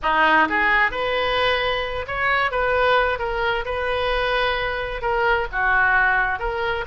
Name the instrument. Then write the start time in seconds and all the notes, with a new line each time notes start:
oboe
0.02 D#4
0.49 G#4
0.91 B4
2.07 C#5
2.51 B4
3.18 A#4
3.65 B4
5.01 A#4
5.51 F#4
6.39 A#4